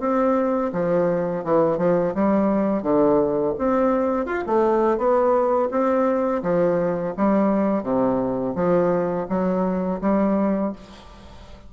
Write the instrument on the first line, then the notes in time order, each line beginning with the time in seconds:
bassoon
0.00 C4
0.73 F3
1.44 E3
1.78 F3
2.15 G3
2.82 D3
3.58 C4
4.26 F4
4.46 A3
4.98 B3
5.71 C4
6.43 F3
7.17 G3
7.83 C3
8.56 F3
9.29 F#3
10.01 G3